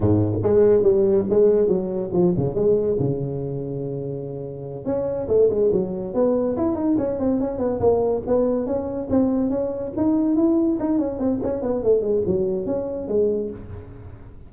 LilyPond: \new Staff \with { instrumentName = "tuba" } { \time 4/4 \tempo 4 = 142 gis,4 gis4 g4 gis4 | fis4 f8 cis8 gis4 cis4~ | cis2.~ cis8 cis'8~ | cis'8 a8 gis8 fis4 b4 e'8 |
dis'8 cis'8 c'8 cis'8 b8 ais4 b8~ | b8 cis'4 c'4 cis'4 dis'8~ | dis'8 e'4 dis'8 cis'8 c'8 cis'8 b8 | a8 gis8 fis4 cis'4 gis4 | }